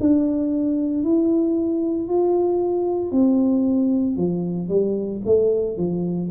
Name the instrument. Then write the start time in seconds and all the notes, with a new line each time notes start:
tuba
0.00 D4
1.03 E4
2.08 F4
3.11 C4
4.16 F3
4.68 G3
5.25 A3
5.77 F3